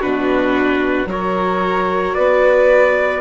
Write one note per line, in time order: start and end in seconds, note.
0.00 1.06 B2
0.00 1.08 D4
0.00 1.07 F#4
0.00 1.09 B4
1.06 2.13 F#3
1.06 3.21 F#4
1.06 2.15 A#4
1.06 2.15 C#5
2.15 3.21 B3
2.15 3.21 B4
2.15 3.21 D5